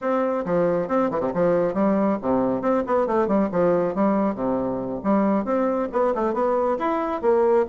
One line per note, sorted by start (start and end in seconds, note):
0.01 0.45 C4
0.45 0.88 F3
0.88 1.10 C4
1.10 1.20 E3
1.20 1.31 C3
1.34 1.74 F3
1.74 2.17 G3
2.21 2.61 C3
2.61 2.83 C4
2.86 3.06 B3
3.06 3.27 A3
3.27 3.49 G3
3.51 3.94 F3
3.94 4.35 G3
4.35 5.00 C3
5.03 5.44 G3
5.44 5.88 C4
5.92 6.14 B3
6.14 6.33 A3
6.33 6.77 B3
6.78 7.21 E4
7.21 7.65 A#3